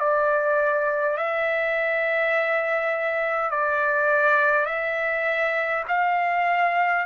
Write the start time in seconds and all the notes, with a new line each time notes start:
0.00 D5
1.17 E5
3.51 D5
4.66 E5
5.88 F5